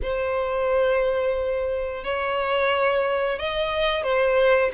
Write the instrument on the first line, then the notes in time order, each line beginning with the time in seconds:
violin
0.02 C5
2.03 C#5
3.38 D#5
4.03 C5